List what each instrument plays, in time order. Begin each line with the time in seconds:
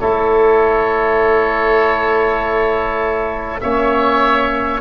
0.00 tuba A3, trombone E4, oboe A4 C#5
3.61 tuba A#3, trombone C#4, oboe C#5 E5